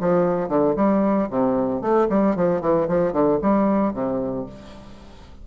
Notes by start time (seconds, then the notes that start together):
0.00 F3
0.48 D3
0.75 G3
1.29 C3
1.81 A3
2.09 G3
2.35 F3
2.61 E3
2.88 F3
3.12 D3
3.42 G3
3.93 C3